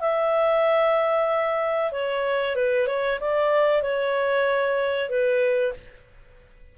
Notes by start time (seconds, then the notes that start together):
0.00 E5
1.92 C#5
2.55 B4
2.87 C#5
3.20 D5
3.82 C#5
5.09 B4